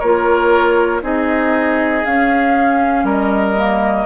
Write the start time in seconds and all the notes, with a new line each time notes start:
0.00 A#3 F4 A#4 C#5
1.02 C4 D#4 G#4 D#5
2.06 C#4 F5
3.04 G3 A#4
3.10 D#5
3.57 A#3